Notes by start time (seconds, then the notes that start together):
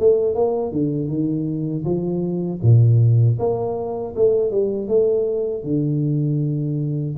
0.00 A3
0.35 A#3
0.72 D3
1.09 D#3
1.85 F3
2.63 A#2
3.39 A#3
4.16 A3
4.52 G3
4.88 A3
5.64 D3